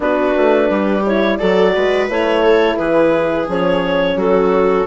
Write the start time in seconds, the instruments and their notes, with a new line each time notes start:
0.00 bassoon B3, horn D4, viola F#4, clarinet B4
0.37 bassoon A3
0.69 bassoon G3, viola G4
1.06 horn E4, clarinet C#5
1.37 bassoon F#3, horn F#4, viola A4, clarinet D5
1.75 bassoon G#3, viola B4
2.09 bassoon A3, horn E4, clarinet C#5
2.42 viola A4
2.77 bassoon E3, viola G#4, clarinet B4
3.47 bassoon F3, horn C#4, clarinet C#5
4.16 bassoon F#3, viola F#4, clarinet A4